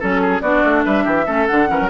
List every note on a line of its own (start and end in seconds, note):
0.00 0.42 F#3
0.00 0.44 C#4
0.00 0.21 A4
0.00 0.41 A4
0.22 0.42 G#4
0.41 0.63 B3
0.41 1.27 D4
0.41 0.85 F#4
0.41 0.84 D5
0.65 0.86 A3
0.85 1.06 G3
0.85 1.04 B4
0.85 1.47 E5
1.04 1.27 E3
1.04 1.25 G4
1.27 1.48 A3
1.27 1.48 C#4
1.27 1.69 A4
1.47 1.70 D3
1.47 1.67 D4
1.47 1.89 F#5
1.67 1.81 E3
1.67 1.89 C#4
1.67 1.90 A#4
1.81 1.90 F#3